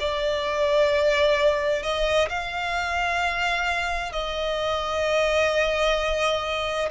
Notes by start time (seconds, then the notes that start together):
0.00 D5
1.83 D#5
2.29 F5
4.12 D#5